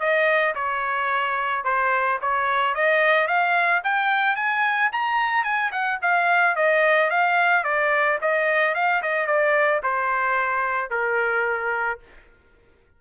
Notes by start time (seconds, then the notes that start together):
0.00 D#5
0.55 C#5
1.65 C5
2.22 C#5
2.75 D#5
3.28 F5
3.84 G5
4.36 G#5
4.92 A#5
5.44 G#5
5.72 F#5
6.02 F5
6.56 D#5
7.11 F5
7.64 D5
8.22 D#5
8.75 F5
9.03 D#5
9.27 D5
9.84 C5
10.91 A#4